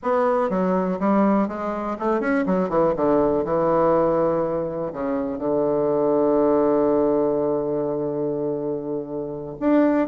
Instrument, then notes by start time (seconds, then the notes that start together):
bassoon
0.02 B3
0.49 F#3
0.99 G3
1.48 G#3
1.98 A3
2.20 C#4
2.45 F#3
2.69 E3
2.96 D3
3.44 E3
4.92 C#3
5.38 D3
9.59 D4